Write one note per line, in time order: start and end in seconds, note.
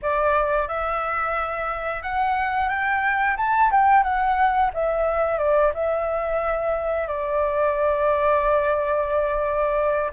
0.02 0.67 D5
0.67 2.02 E5
2.02 2.68 F#5
2.68 3.36 G5
3.36 3.70 A5
3.71 4.03 G5
4.03 4.70 F#5
4.73 5.38 E5
5.38 5.72 D5
5.73 7.07 E5
7.07 10.11 D5